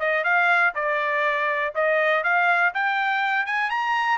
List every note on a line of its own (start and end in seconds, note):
0.00 0.24 D#5
0.24 0.74 F5
0.75 1.74 D5
1.75 2.24 D#5
2.24 2.73 F5
2.75 3.46 G5
3.46 3.70 G#5
3.70 4.19 A#5